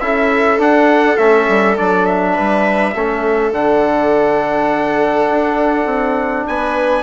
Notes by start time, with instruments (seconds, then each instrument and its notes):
0.00 bassoon C#4, trombone E4, viola A4, trumpet E5
0.58 trombone D4, bassoon D4, trumpet F#5
1.17 bassoon A3, trombone C#4, trumpet E5
1.48 bassoon G3
1.77 bassoon F#3, trombone D4, trumpet D5
2.06 trumpet E5
2.33 bassoon G3, viola B4
2.95 bassoon A3, trombone C#4, viola A4
3.51 bassoon D3, trombone D4, trumpet F#5
5.30 bassoon D4
5.85 bassoon C4
6.47 bassoon B3, viola B4, trumpet G#5